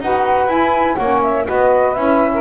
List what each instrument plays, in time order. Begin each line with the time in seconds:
0.00 double bass D#4, saxophone F#4 B4, flute F#5
0.46 double bass E4, saxophone E4, flute G#5
0.95 double bass A#3, saxophone C#4 C#5, flute F#5
1.22 flute E5
1.46 double bass B3, saxophone F#4 B4, flute D#5
1.94 double bass C#4, saxophone E4, flute E5
2.34 saxophone A#4